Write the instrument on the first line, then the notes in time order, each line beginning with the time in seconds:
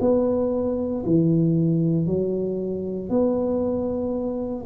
tuba
0.00 B3
1.05 E3
2.06 F#3
3.09 B3